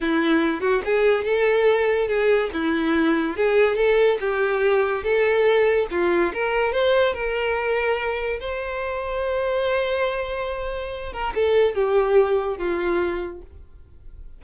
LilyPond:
\new Staff \with { instrumentName = "violin" } { \time 4/4 \tempo 4 = 143 e'4. fis'8 gis'4 a'4~ | a'4 gis'4 e'2 | gis'4 a'4 g'2 | a'2 f'4 ais'4 |
c''4 ais'2. | c''1~ | c''2~ c''8 ais'8 a'4 | g'2 f'2 | }